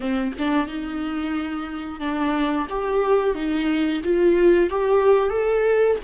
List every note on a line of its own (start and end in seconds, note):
0.00 0.33 C4
0.38 0.67 D4
0.67 2.00 D#4
2.00 2.66 D4
2.69 3.34 G4
3.34 4.01 D#4
4.04 4.69 F4
4.69 5.29 G4
5.29 5.96 A4